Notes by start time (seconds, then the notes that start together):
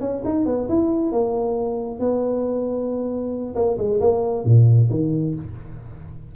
0.00 C#4
0.24 D#4
0.46 B3
0.68 E4
1.12 A#3
1.99 B3
3.55 A#3
3.78 G#3
4.00 A#3
4.44 A#2
4.90 D#3